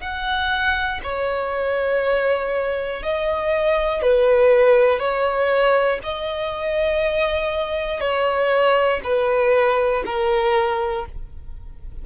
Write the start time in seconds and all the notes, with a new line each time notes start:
0.00 F#5
1.03 C#5
3.03 D#5
4.02 B4
4.99 C#5
6.03 D#5
8.00 C#5
9.04 B4
10.05 A#4